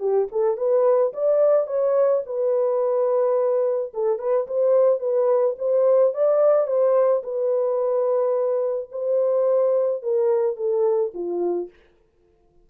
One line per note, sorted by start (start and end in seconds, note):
0.00 0.28 G4
0.32 0.58 A4
0.58 1.13 B4
1.14 1.67 D5
1.67 2.22 C#5
2.26 3.93 B4
3.94 4.19 A4
4.19 4.47 B4
4.47 5.00 C5
5.00 5.56 B4
5.59 6.14 C5
6.14 6.67 D5
6.67 7.23 C5
7.23 8.90 B4
8.92 10.03 C5
10.03 10.57 A#4
10.57 11.12 A4
11.14 11.70 F4